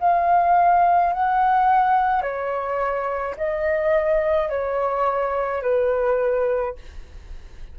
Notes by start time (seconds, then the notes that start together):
0.00 F5
1.12 F#5
2.21 C#5
3.37 D#5
4.49 C#5
5.62 B4